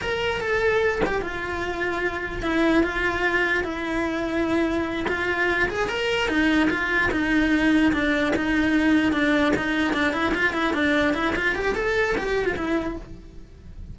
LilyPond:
\new Staff \with { instrumentName = "cello" } { \time 4/4 \tempo 4 = 148 ais'4 a'4. g'8 f'4~ | f'2 e'4 f'4~ | f'4 e'2.~ | e'8 f'4. gis'8 ais'4 dis'8~ |
dis'8 f'4 dis'2 d'8~ | d'8 dis'2 d'4 dis'8~ | dis'8 d'8 e'8 f'8 e'8 d'4 e'8 | f'8 g'8 a'4 g'8. f'16 e'4 | }